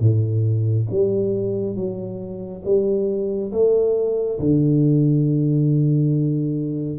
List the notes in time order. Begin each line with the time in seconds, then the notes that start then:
0.00 A2
0.91 G3
1.76 F#3
2.65 G3
3.52 A3
4.40 D3